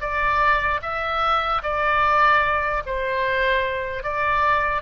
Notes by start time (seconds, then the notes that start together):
0.00 D5
0.82 E5
1.63 D5
2.86 C5
4.03 D5